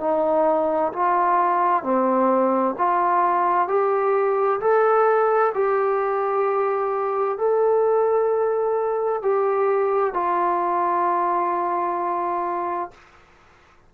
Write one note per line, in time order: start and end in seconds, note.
0.00 0.92 D#4
0.93 1.83 F4
1.83 2.75 C4
2.78 3.68 F4
3.68 4.60 G4
4.60 5.53 A4
5.54 7.38 G4
7.38 9.23 A4
9.23 10.14 G4
10.14 12.91 F4